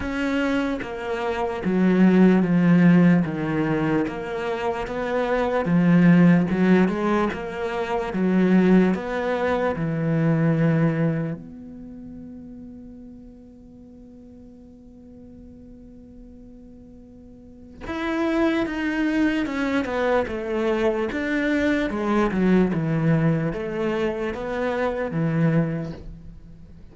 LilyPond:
\new Staff \with { instrumentName = "cello" } { \time 4/4 \tempo 4 = 74 cis'4 ais4 fis4 f4 | dis4 ais4 b4 f4 | fis8 gis8 ais4 fis4 b4 | e2 b2~ |
b1~ | b2 e'4 dis'4 | cis'8 b8 a4 d'4 gis8 fis8 | e4 a4 b4 e4 | }